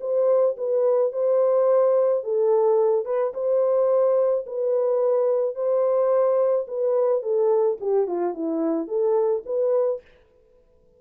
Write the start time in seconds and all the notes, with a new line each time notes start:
0.00 C5
0.57 B4
1.12 C5
2.23 A4
3.05 B4
3.34 C5
4.46 B4
5.55 C5
6.67 B4
7.22 A4
7.80 G4
8.07 F4
8.34 E4
8.87 A4
9.45 B4